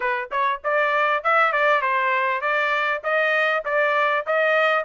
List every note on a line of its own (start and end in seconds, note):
0.00 0.29 B4
0.31 0.61 C#5
0.64 1.23 D5
1.23 1.52 E5
1.52 1.81 D5
1.81 2.41 C5
2.41 3.01 D5
3.03 3.64 D#5
3.64 4.25 D5
4.26 4.84 D#5